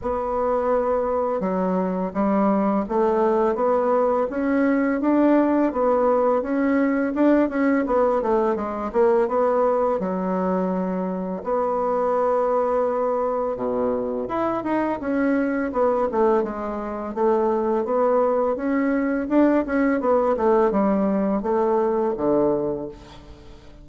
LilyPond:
\new Staff \with { instrumentName = "bassoon" } { \time 4/4 \tempo 4 = 84 b2 fis4 g4 | a4 b4 cis'4 d'4 | b4 cis'4 d'8 cis'8 b8 a8 | gis8 ais8 b4 fis2 |
b2. b,4 | e'8 dis'8 cis'4 b8 a8 gis4 | a4 b4 cis'4 d'8 cis'8 | b8 a8 g4 a4 d4 | }